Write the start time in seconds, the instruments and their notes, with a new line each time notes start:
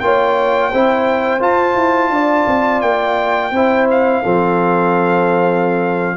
0.00 tuba A#3, trombone F4, horn C#5, trumpet G5
0.70 tuba C4, trombone E4, horn C5
1.40 tuba F4, trombone F4, trumpet A5
1.76 tuba E4
2.10 tuba D4, horn D5
2.47 tuba C4
2.81 tuba A#3, trumpet G5
3.51 tuba C4, trombone E4, horn C5
3.91 trumpet F5
4.23 tuba F3, trombone C4, horn A4